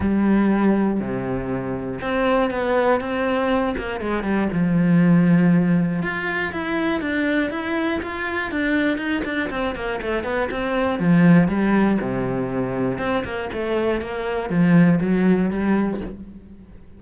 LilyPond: \new Staff \with { instrumentName = "cello" } { \time 4/4 \tempo 4 = 120 g2 c2 | c'4 b4 c'4. ais8 | gis8 g8 f2. | f'4 e'4 d'4 e'4 |
f'4 d'4 dis'8 d'8 c'8 ais8 | a8 b8 c'4 f4 g4 | c2 c'8 ais8 a4 | ais4 f4 fis4 g4 | }